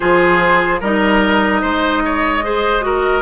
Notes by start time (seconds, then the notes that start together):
0.00 F3 F4 G#4 C5
0.80 G3 D#4 A#4 D#5
1.61 G#3 C5
2.05 C#5
2.43 G#4 C5
2.81 F#4 A#4